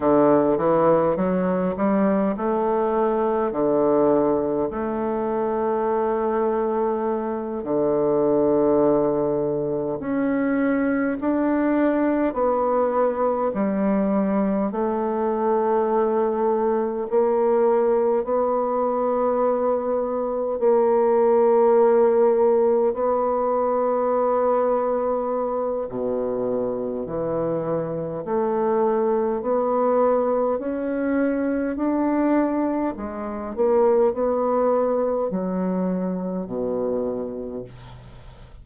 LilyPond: \new Staff \with { instrumentName = "bassoon" } { \time 4/4 \tempo 4 = 51 d8 e8 fis8 g8 a4 d4 | a2~ a8 d4.~ | d8 cis'4 d'4 b4 g8~ | g8 a2 ais4 b8~ |
b4. ais2 b8~ | b2 b,4 e4 | a4 b4 cis'4 d'4 | gis8 ais8 b4 fis4 b,4 | }